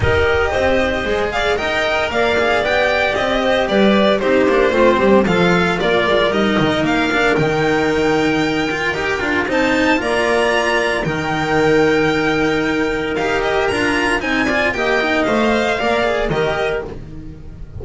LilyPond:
<<
  \new Staff \with { instrumentName = "violin" } { \time 4/4 \tempo 4 = 114 dis''2~ dis''8 f''8 g''4 | f''4 g''4 dis''4 d''4 | c''2 f''4 d''4 | dis''4 f''4 g''2~ |
g''2 a''4 ais''4~ | ais''4 g''2.~ | g''4 f''8 dis''8 ais''4 gis''4 | g''4 f''2 dis''4 | }
  \new Staff \with { instrumentName = "clarinet" } { \time 4/4 ais'4 c''4. d''8 dis''4 | d''2~ d''8 c''8 b'4 | g'4 f'8 g'8 a'4 ais'4~ | ais'1~ |
ais'2 c''4 d''4~ | d''4 ais'2.~ | ais'2. c''8 d''8 | dis''2 d''4 ais'4 | }
  \new Staff \with { instrumentName = "cello" } { \time 4/4 g'2 gis'4 ais'4~ | ais'8 gis'8 g'2. | dis'8 d'8 c'4 f'2 | dis'4. d'8 dis'2~ |
dis'8 f'8 g'8 f'8 dis'4 f'4~ | f'4 dis'2.~ | dis'4 g'4 f'4 dis'8 f'8 | g'8 dis'8 c''4 ais'8 gis'8 g'4 | }
  \new Staff \with { instrumentName = "double bass" } { \time 4/4 dis'4 c'4 gis4 dis'4 | ais4 b4 c'4 g4 | c'8 ais8 a8 g8 f4 ais8 gis8 | g8 dis8 ais4 dis2~ |
dis4 dis'8 d'8 c'4 ais4~ | ais4 dis2.~ | dis4 dis'4 d'4 c'4 | ais4 a4 ais4 dis4 | }
>>